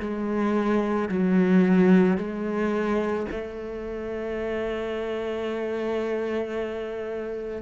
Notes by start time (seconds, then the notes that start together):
0.00 G#3
1.09 F#3
2.17 G#3
3.31 A3